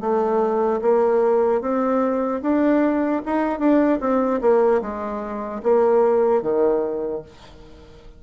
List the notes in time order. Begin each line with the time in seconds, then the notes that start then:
0.00 A3
0.81 A#3
1.61 C4
2.42 D4
3.25 D#4
3.59 D4
4.00 C4
4.41 A#3
4.81 G#3
5.63 A#3
6.42 D#3